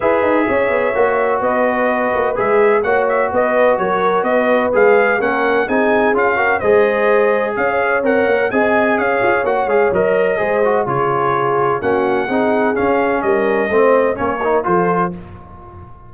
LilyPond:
<<
  \new Staff \with { instrumentName = "trumpet" } { \time 4/4 \tempo 4 = 127 e''2. dis''4~ | dis''4 e''4 fis''8 e''8 dis''4 | cis''4 dis''4 f''4 fis''4 | gis''4 f''4 dis''2 |
f''4 fis''4 gis''4 f''4 | fis''8 f''8 dis''2 cis''4~ | cis''4 fis''2 f''4 | dis''2 cis''4 c''4 | }
  \new Staff \with { instrumentName = "horn" } { \time 4/4 b'4 cis''2 b'4~ | b'2 cis''4 b'4 | ais'4 b'2 ais'4 | gis'4. ais'8 c''2 |
cis''2 dis''4 cis''4~ | cis''2 c''4 gis'4~ | gis'4 fis'4 gis'2 | ais'4 c''4 ais'4 a'4 | }
  \new Staff \with { instrumentName = "trombone" } { \time 4/4 gis'2 fis'2~ | fis'4 gis'4 fis'2~ | fis'2 gis'4 cis'4 | dis'4 f'8 fis'8 gis'2~ |
gis'4 ais'4 gis'2 | fis'8 gis'8 ais'4 gis'8 fis'8 f'4~ | f'4 cis'4 dis'4 cis'4~ | cis'4 c'4 cis'8 dis'8 f'4 | }
  \new Staff \with { instrumentName = "tuba" } { \time 4/4 e'8 dis'8 cis'8 b8 ais4 b4~ | b8 ais8 gis4 ais4 b4 | fis4 b4 gis4 ais4 | c'4 cis'4 gis2 |
cis'4 c'8 ais8 c'4 cis'8 f'8 | ais8 gis8 fis4 gis4 cis4~ | cis4 ais4 c'4 cis'4 | g4 a4 ais4 f4 | }
>>